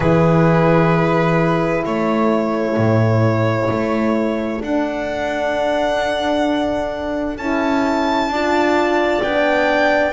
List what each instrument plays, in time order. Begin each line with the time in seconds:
0.00 double bass E3, horn E4, clarinet G#4, violin B4
1.84 double bass A3, clarinet A4, violin C#5
2.77 double bass A2
3.70 double bass A3
4.61 double bass D4, horn D4, violin F#5
7.37 double bass C#4, horn E4, violin A5
8.27 double bass D4, clarinet D5
8.33 horn F4
9.22 double bass B3, horn D4, violin G5